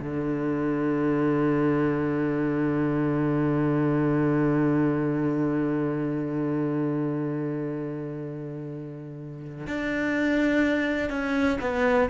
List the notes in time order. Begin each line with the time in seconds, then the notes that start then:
0.00 D3
9.67 D4
11.10 C#4
11.61 B3